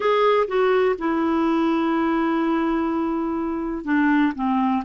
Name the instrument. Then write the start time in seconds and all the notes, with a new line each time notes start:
clarinet
0.00 G#4
0.47 F#4
0.98 E4
3.84 D4
4.35 C4